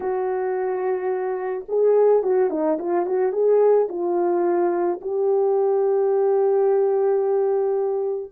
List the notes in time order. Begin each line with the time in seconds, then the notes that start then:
0.00 F#4
1.68 G#4
2.22 F#4
2.50 D#4
2.78 F4
3.06 F#4
3.32 G#4
3.88 F4
5.01 G4